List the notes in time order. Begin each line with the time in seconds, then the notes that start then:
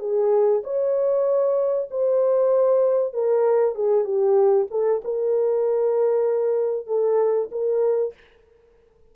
0.00 G#4
0.64 C#5
1.91 C5
3.14 A#4
3.75 G#4
4.05 G4
4.71 A4
5.05 A#4
6.87 A4
7.52 A#4